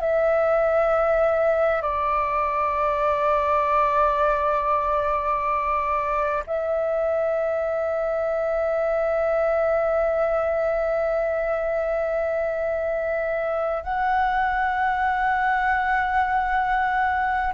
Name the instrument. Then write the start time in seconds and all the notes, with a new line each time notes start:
flute
0.00 E5
1.82 D5
6.47 E5
13.84 F#5